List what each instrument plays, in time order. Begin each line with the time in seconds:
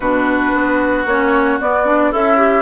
0.00 bassoon B2, clarinet D4, oboe F#4, flute B4
0.53 bassoon B3
1.05 bassoon A#3, clarinet C#4, flute C#5
1.60 clarinet B3, bassoon B3, flute D5
1.85 clarinet D4
2.11 bassoon C#4, oboe E4, clarinet A4, flute E5
2.37 clarinet G4